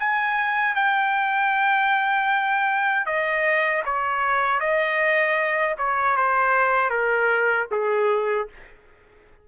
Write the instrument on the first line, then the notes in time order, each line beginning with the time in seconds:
trumpet
0.00 G#5
0.75 G5
3.06 D#5
3.86 C#5
4.60 D#5
5.78 C#5
6.17 C5
6.90 A#4
7.71 G#4